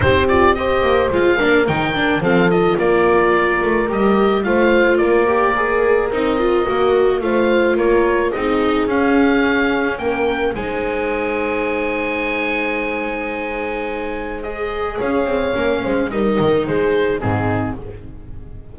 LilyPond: <<
  \new Staff \with { instrumentName = "oboe" } { \time 4/4 \tempo 4 = 108 c''8 d''8 dis''4 f''4 g''4 | f''8 dis''8 d''2 dis''4 | f''4 d''2 dis''4~ | dis''4 f''4 cis''4 dis''4 |
f''2 g''4 gis''4~ | gis''1~ | gis''2 dis''4 f''4~ | f''4 dis''4 c''4 gis'4 | }
  \new Staff \with { instrumentName = "horn" } { \time 4/4 g'4 c''4. ais'4. | a'4 ais'2. | c''4 ais'2.~ | ais'4 c''4 ais'4 gis'4~ |
gis'2 ais'4 c''4~ | c''1~ | c''2. cis''4~ | cis''8 c''8 ais'4 gis'4 dis'4 | }
  \new Staff \with { instrumentName = "viola" } { \time 4/4 dis'8 f'8 g'4 f'8 d'8 dis'8 d'8 | c'8 f'2~ f'8 g'4 | f'4. g'8 gis'4 dis'8 f'8 | fis'4 f'2 dis'4 |
cis'2. dis'4~ | dis'1~ | dis'2 gis'2 | cis'4 dis'2 c'4 | }
  \new Staff \with { instrumentName = "double bass" } { \time 4/4 c'4. ais8 gis8 ais8 dis4 | f4 ais4. a8 g4 | a4 ais2 c'4 | ais4 a4 ais4 c'4 |
cis'2 ais4 gis4~ | gis1~ | gis2. cis'8 c'8 | ais8 gis8 g8 dis8 gis4 gis,4 | }
>>